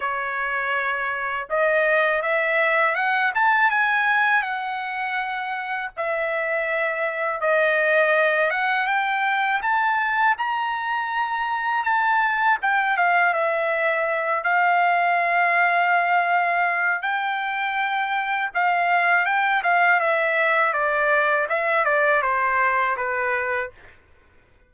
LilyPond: \new Staff \with { instrumentName = "trumpet" } { \time 4/4 \tempo 4 = 81 cis''2 dis''4 e''4 | fis''8 a''8 gis''4 fis''2 | e''2 dis''4. fis''8 | g''4 a''4 ais''2 |
a''4 g''8 f''8 e''4. f''8~ | f''2. g''4~ | g''4 f''4 g''8 f''8 e''4 | d''4 e''8 d''8 c''4 b'4 | }